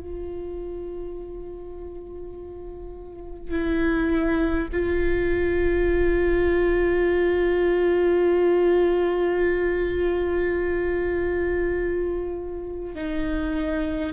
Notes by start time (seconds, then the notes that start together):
0.00 F4
3.50 E4
4.72 F4
12.95 D#4